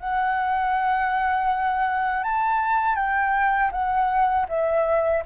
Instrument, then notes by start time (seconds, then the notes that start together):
flute
0.00 F#5
2.24 A5
2.96 G5
3.72 F#5
4.49 E5